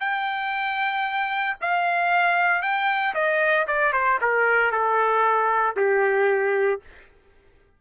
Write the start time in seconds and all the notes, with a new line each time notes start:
0.00 G5
1.61 F5
2.62 G5
3.14 D#5
3.67 D5
3.92 C5
4.21 A#4
4.71 A4
5.76 G4